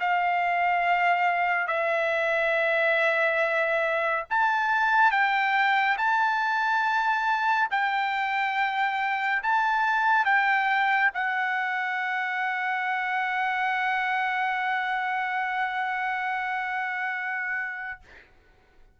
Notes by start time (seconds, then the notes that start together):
0.00 F5
1.67 E5
4.30 A5
5.11 G5
5.97 A5
7.71 G5
9.42 A5
10.25 G5
11.14 F#5